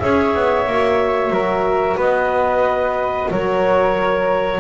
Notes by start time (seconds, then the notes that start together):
0.00 C#4 G#4 C#5 E5
0.35 B3
0.66 A#3 F#4
1.30 F#3 A#4
1.97 B3 B4 D#5
3.31 F#3 A#4 C#5